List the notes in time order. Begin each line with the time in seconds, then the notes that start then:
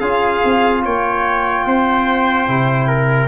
0.00 C#4 F4 G#4 F5
0.45 C4
0.83 A#3 C#5 G5
1.67 C4 C5
2.48 C3 E4
2.88 A#4